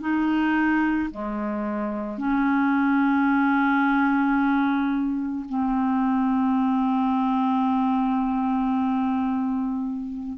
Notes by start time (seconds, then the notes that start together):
0.00 D#4
1.11 G#3
2.18 C#4
5.48 C4